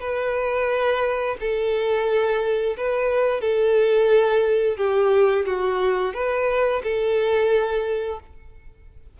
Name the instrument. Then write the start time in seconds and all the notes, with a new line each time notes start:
violin
0.00 B4
1.40 A4
2.77 B4
3.41 A4
4.77 G4
5.46 F#4
6.14 B4
6.83 A4